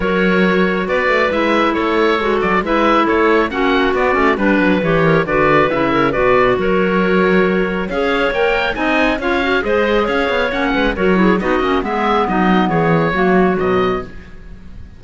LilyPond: <<
  \new Staff \with { instrumentName = "oboe" } { \time 4/4 \tempo 4 = 137 cis''2 d''4 e''4 | cis''4. d''8 e''4 cis''4 | fis''4 d''4 b'4 cis''4 | d''4 e''4 d''4 cis''4~ |
cis''2 f''4 g''4 | gis''4 f''4 dis''4 f''4 | fis''4 cis''4 dis''4 e''4 | dis''4 cis''2 dis''4 | }
  \new Staff \with { instrumentName = "clarinet" } { \time 4/4 ais'2 b'2 | a'2 b'4 a'4 | fis'2 b'4. ais'8 | b'4. ais'8 b'4 ais'4~ |
ais'2 cis''2 | dis''4 cis''4 c''4 cis''4~ | cis''8 b'8 ais'8 gis'8 fis'4 gis'4 | dis'4 gis'4 fis'2 | }
  \new Staff \with { instrumentName = "clarinet" } { \time 4/4 fis'2. e'4~ | e'4 fis'4 e'2 | cis'4 b8 cis'8 d'4 g'4 | fis'4 e'4 fis'2~ |
fis'2 gis'4 ais'4 | dis'4 f'8 fis'8 gis'2 | cis'4 fis'8 e'8 dis'8 cis'8 b4~ | b2 ais4 fis4 | }
  \new Staff \with { instrumentName = "cello" } { \time 4/4 fis2 b8 a8 gis4 | a4 gis8 fis8 gis4 a4 | ais4 b8 a8 g8 fis8 e4 | d4 cis4 b,4 fis4~ |
fis2 cis'4 ais4 | c'4 cis'4 gis4 cis'8 b8 | ais8 gis8 fis4 b8 ais8 gis4 | fis4 e4 fis4 b,4 | }
>>